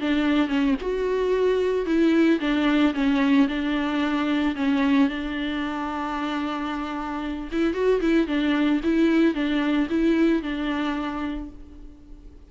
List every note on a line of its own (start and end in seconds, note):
0.00 0.47 D4
0.47 0.74 C#4
0.81 1.86 F#4
1.86 2.39 E4
2.40 2.93 D4
2.94 3.47 C#4
3.48 4.55 D4
4.55 5.08 C#4
5.08 7.50 D4
7.51 7.73 E4
7.73 8.00 F#4
8.01 8.27 E4
8.27 8.80 D4
8.83 9.34 E4
9.34 9.88 D4
9.89 10.42 E4
10.42 11.49 D4